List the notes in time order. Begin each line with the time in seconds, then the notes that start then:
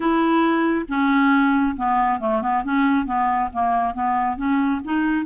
0.00 E4
0.88 C#4
1.76 B3
2.20 A3
2.41 B3
2.64 C#4
3.05 B3
3.53 A#3
3.94 B3
4.37 C#4
4.84 D#4